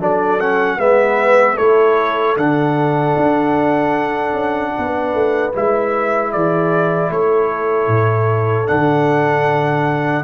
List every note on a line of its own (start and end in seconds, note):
0.00 0.78 F#3
0.00 0.40 D4
0.00 0.77 A4
0.00 0.40 D5
0.40 0.79 C#4
0.40 0.80 F#5
0.77 1.57 G#3
0.77 1.58 B3
0.77 1.56 B4
0.77 1.57 E5
1.56 2.37 A3
1.56 2.37 E4
1.56 4.71 A4
1.56 2.36 C#5
2.37 3.15 D3
2.37 5.53 D4
2.37 5.53 F#5
3.17 4.33 D4
4.33 4.72 C#4
4.77 5.14 B3
4.77 6.32 B4
5.14 5.53 A3
5.53 6.34 G#3
5.53 8.67 E4
5.53 6.32 E5
6.32 7.10 E3
6.32 7.10 G#4
6.32 7.11 D5
7.10 7.87 A3
7.10 10.24 A4
7.10 8.68 C#5
7.87 8.66 A2
8.67 10.24 D3
8.67 10.24 D4
8.67 10.24 F#5